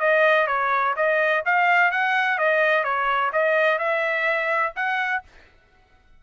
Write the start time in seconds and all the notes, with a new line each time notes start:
0.00 D#5
0.47 C#5
0.96 D#5
1.46 F5
1.92 F#5
2.38 D#5
2.84 C#5
3.33 D#5
3.79 E5
4.76 F#5